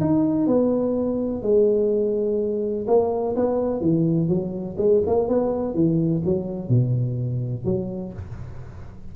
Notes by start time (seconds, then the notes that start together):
0.00 D#4
0.46 B3
1.42 G#3
2.87 A#3
3.36 B3
3.81 E3
4.28 F#3
4.77 G#3
5.06 A#3
5.28 B3
5.74 E3
6.24 F#3
6.69 B2
7.65 F#3